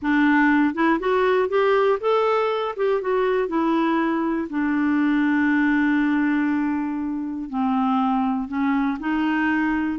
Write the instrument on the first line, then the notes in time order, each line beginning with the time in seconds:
clarinet
0.02 D4
0.74 E4
0.99 F#4
1.48 G4
2.00 A4
2.76 G4
3.01 F#4
3.48 E4
4.49 D4
7.49 C4
8.48 C#4
8.99 D#4